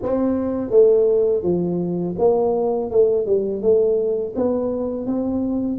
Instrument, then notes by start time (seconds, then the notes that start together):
tuba
0.02 C4
0.70 A3
1.42 F3
2.18 A#3
2.90 A3
3.26 G3
3.61 A3
4.35 B3
5.06 C4